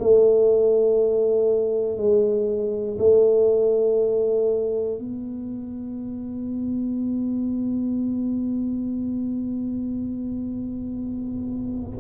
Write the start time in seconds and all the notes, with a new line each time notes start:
0.00 A3
1.98 G#3
2.99 A3
4.99 B3